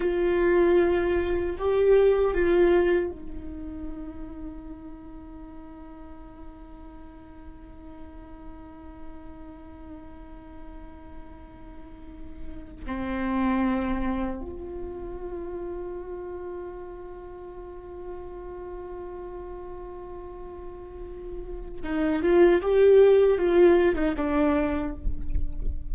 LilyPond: \new Staff \with { instrumentName = "viola" } { \time 4/4 \tempo 4 = 77 f'2 g'4 f'4 | dis'1~ | dis'1~ | dis'1~ |
dis'8 c'2 f'4.~ | f'1~ | f'1 | dis'8 f'8 g'4 f'8. dis'16 d'4 | }